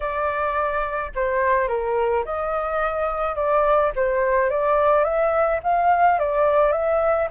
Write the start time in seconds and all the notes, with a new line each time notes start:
0.00 D5
1.15 C5
1.68 A#4
2.24 D#5
3.35 D5
3.95 C5
4.50 D5
5.03 E5
5.63 F5
6.19 D5
6.72 E5